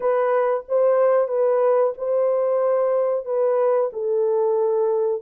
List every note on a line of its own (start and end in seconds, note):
0.00 0.63 B4
0.68 1.27 C5
1.27 1.93 B4
1.97 3.25 C5
3.25 3.90 B4
3.92 5.21 A4